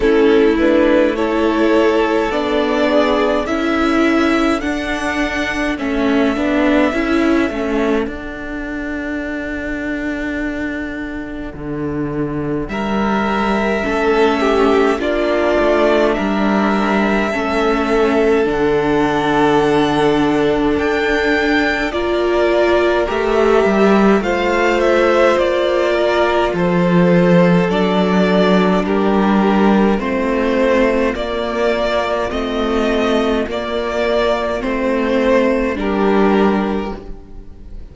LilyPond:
<<
  \new Staff \with { instrumentName = "violin" } { \time 4/4 \tempo 4 = 52 a'8 b'8 cis''4 d''4 e''4 | fis''4 e''2 fis''4~ | fis''2. e''4~ | e''4 d''4 e''2 |
fis''2 g''4 d''4 | e''4 f''8 e''8 d''4 c''4 | d''4 ais'4 c''4 d''4 | dis''4 d''4 c''4 ais'4 | }
  \new Staff \with { instrumentName = "violin" } { \time 4/4 e'4 a'4. gis'8 a'4~ | a'1~ | a'2. ais'4 | a'8 g'8 f'4 ais'4 a'4~ |
a'2. ais'4~ | ais'4 c''4. ais'8 a'4~ | a'4 g'4 f'2~ | f'2. g'4 | }
  \new Staff \with { instrumentName = "viola" } { \time 4/4 cis'8 d'8 e'4 d'4 e'4 | d'4 cis'8 d'8 e'8 cis'8 d'4~ | d'1 | cis'4 d'2 cis'4 |
d'2. f'4 | g'4 f'2. | d'2 c'4 ais4 | c'4 ais4 c'4 d'4 | }
  \new Staff \with { instrumentName = "cello" } { \time 4/4 a2 b4 cis'4 | d'4 a8 b8 cis'8 a8 d'4~ | d'2 d4 g4 | a4 ais8 a8 g4 a4 |
d2 d'4 ais4 | a8 g8 a4 ais4 f4 | fis4 g4 a4 ais4 | a4 ais4 a4 g4 | }
>>